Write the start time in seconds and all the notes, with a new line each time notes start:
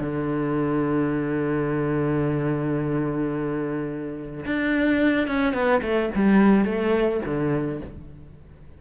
0.00 D3
4.45 D4
5.27 C#4
5.53 B3
5.82 A3
6.15 G3
6.64 A3
7.25 D3